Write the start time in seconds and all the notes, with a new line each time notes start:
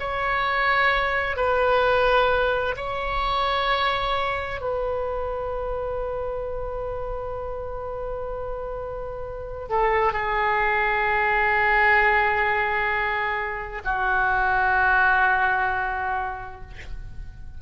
0.00 C#5
1.37 B4
2.77 C#5
4.61 B4
9.70 A4
10.13 G#4
13.85 F#4